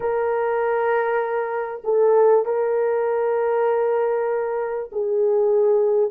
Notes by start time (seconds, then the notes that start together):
0.00 A#4
1.84 A4
2.45 A#4
4.91 G#4